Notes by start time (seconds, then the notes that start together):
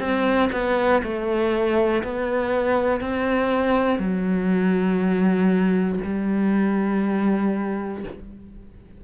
0.00 C4
0.52 B3
1.03 A3
2.03 B3
3.00 C4
3.99 F#3
6.04 G3